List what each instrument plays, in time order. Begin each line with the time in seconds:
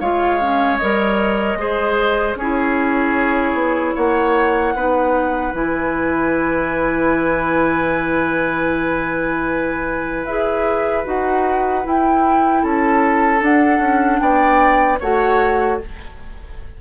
0.00 bassoon G#3, clarinet F4, oboe C#5, flute F5
0.40 clarinet C#4
0.77 bassoon G3, clarinet A#4, flute D#5
1.55 bassoon G#3, clarinet G#4, oboe C5
2.35 bassoon C#4, oboe G#4, flute C#5
2.41 clarinet E4
3.53 bassoon B3
3.95 bassoon A#3, oboe C#5, flute F#5
4.75 bassoon B3, clarinet D#4, oboe B4
5.54 bassoon E3, clarinet E4, flute G#5
10.25 bassoon E4, clarinet G#4, flute E5
11.05 bassoon D#4, clarinet F#4, flute F#5
11.83 clarinet E4, bassoon E4, flute G5
12.62 bassoon C#4, oboe A4, flute A5
13.39 clarinet D4, bassoon D4, flute F#5
13.79 bassoon C#4
14.19 bassoon B3, oboe D5, flute G5
14.99 bassoon A3, clarinet F#4, oboe C#5, flute F#5